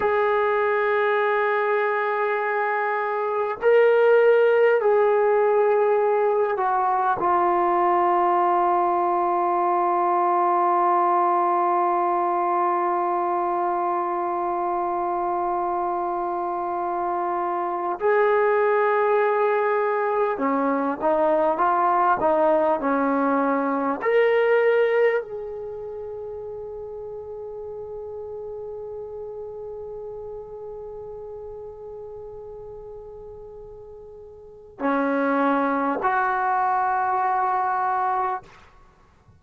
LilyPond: \new Staff \with { instrumentName = "trombone" } { \time 4/4 \tempo 4 = 50 gis'2. ais'4 | gis'4. fis'8 f'2~ | f'1~ | f'2. gis'4~ |
gis'4 cis'8 dis'8 f'8 dis'8 cis'4 | ais'4 gis'2.~ | gis'1~ | gis'4 cis'4 fis'2 | }